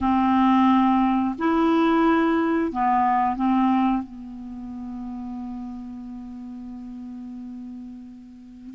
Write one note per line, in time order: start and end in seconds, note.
0.01 1.35 C4
1.38 2.72 E4
2.72 3.36 B3
3.36 4.03 C4
4.03 8.75 B3